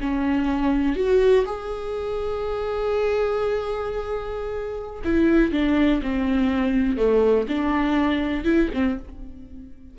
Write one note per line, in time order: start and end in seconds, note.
0.00 0.95 C#4
0.95 1.45 F#4
1.45 5.02 G#4
5.04 5.51 E4
5.51 6.01 D4
6.02 6.97 C4
6.97 7.46 A3
7.48 8.44 D4
8.44 8.68 E4
8.73 8.98 C4